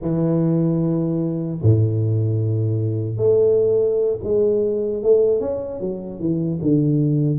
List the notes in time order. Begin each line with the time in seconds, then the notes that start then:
0.01 E3
1.62 A2
3.17 A3
4.23 G#3
5.03 A3
5.40 C#4
5.80 F#3
6.19 E3
6.61 D3